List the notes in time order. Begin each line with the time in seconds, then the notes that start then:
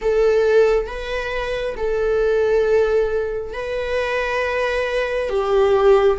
0.01 A4
0.87 B4
1.76 A4
3.53 B4
5.29 G4